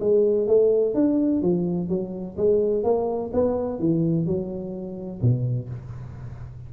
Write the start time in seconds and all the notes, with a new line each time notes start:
0.00 G#3
0.47 A3
0.94 D4
1.42 F3
1.89 F#3
2.37 G#3
2.84 A#3
3.33 B3
3.79 E3
4.26 F#3
5.22 B2